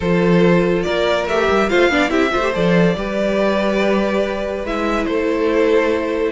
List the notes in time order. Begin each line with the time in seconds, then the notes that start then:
0.00 F3 F4 A4 C5
0.82 A#3 A#4 D5
1.27 A3 G4 E5
1.49 G3
1.69 A3 F4 C5 F5
1.89 B3 D4 D5
2.08 C4 E4 G4 E5
2.30 A3 F4 C5
2.42 G4
2.53 F3 A4 D5
2.95 G3 G4 B4
4.64 G#3 E4 E5
5.05 A3 A4 C5